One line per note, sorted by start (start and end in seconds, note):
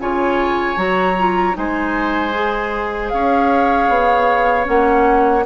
0.00 0.77 C#3
0.00 0.76 F4
0.00 1.57 C#5
0.00 0.78 G#5
0.76 1.55 F#3
0.76 1.15 F#4
0.76 1.56 A#5
1.19 1.54 F4
1.54 3.13 G#3
1.54 2.31 D#4
1.54 3.13 C5
1.54 3.09 G#5
2.34 4.64 G#4
3.09 3.89 C#4
3.09 5.45 C#5
3.09 4.65 F5
3.89 4.67 B3
4.64 5.45 A#3
4.64 5.42 C#4
4.64 5.45 F#5